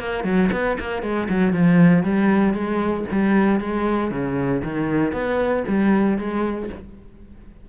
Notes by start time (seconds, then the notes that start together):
0.00 A#3
0.24 F#3
0.52 B3
0.80 A#3
1.03 G#3
1.30 F#3
1.53 F3
2.04 G3
2.54 G#3
3.12 G3
3.60 G#3
4.11 C#3
4.64 D#3
5.13 B3
5.68 G3
6.18 G#3